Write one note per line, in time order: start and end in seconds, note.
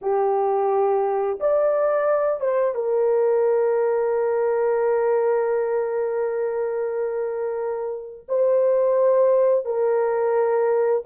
0.01 1.39 G4
1.39 2.40 D5
2.40 2.74 C5
2.74 8.26 A#4
8.28 9.65 C5
9.65 11.03 A#4